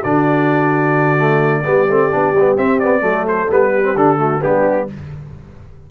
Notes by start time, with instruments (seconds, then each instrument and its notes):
0.00 tuba D3, trombone D4, horn F#4, trumpet D5
1.18 trombone A3
1.63 tuba G3, trombone B3, horn G4
1.89 tuba A3, trombone C4
2.11 tuba B3, trombone D4
2.32 tuba G3
2.39 trombone B3
2.56 tuba C4, trombone C4, trumpet E5
2.79 trombone B3, trumpet D5
3.00 tuba F#3, trombone A3, horn A4
3.28 trumpet C5
3.50 tuba G3, trombone B3, trumpet B4
3.74 horn G4
3.83 trombone C4
3.95 tuba D3, trombone D4, trumpet A4
4.17 trombone A3, horn F#4
4.41 tuba G3, trombone B3, horn D4, trumpet G4